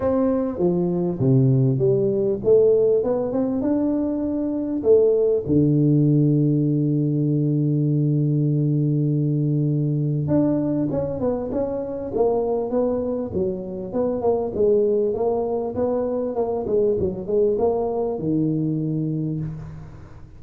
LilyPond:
\new Staff \with { instrumentName = "tuba" } { \time 4/4 \tempo 4 = 99 c'4 f4 c4 g4 | a4 b8 c'8 d'2 | a4 d2.~ | d1~ |
d4 d'4 cis'8 b8 cis'4 | ais4 b4 fis4 b8 ais8 | gis4 ais4 b4 ais8 gis8 | fis8 gis8 ais4 dis2 | }